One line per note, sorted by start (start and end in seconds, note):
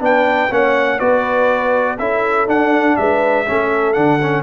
0.00 0.49 B3
0.00 0.49 D4
0.00 0.51 B4
0.00 0.53 G5
0.50 0.99 A#3
0.50 0.99 C#4
0.50 0.98 C#5
0.50 0.99 F#5
0.98 1.99 B3
0.98 1.98 F#4
0.98 1.97 B4
0.98 1.97 D5
1.98 2.48 C#4
1.98 2.47 E4
1.98 2.97 A4
1.98 2.47 E5
2.47 3.45 D4
2.47 2.97 D4
2.47 2.96 F#5
2.96 3.47 G#3
2.96 3.45 B4
2.96 3.93 E5
3.45 3.97 A3
3.45 3.94 C#4
3.45 4.43 A4
3.93 4.43 D3
3.93 4.19 D4
3.93 4.42 F#5
4.22 4.43 C#4